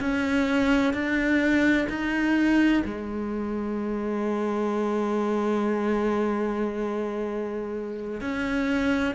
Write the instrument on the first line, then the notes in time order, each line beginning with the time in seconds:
cello
0.00 C#4
0.94 D4
1.89 D#4
2.85 G#3
8.21 C#4